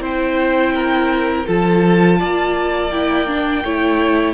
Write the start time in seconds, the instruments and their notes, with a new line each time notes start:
0.00 cello C4, viola E4, violin C5 G5
0.74 violin A#4
1.46 cello F3, viola F4, violin A4 A5
2.19 cello A#3, violin D5
2.91 viola E4, violin G5
3.27 viola D4
3.64 cello A3, viola E4, violin C#5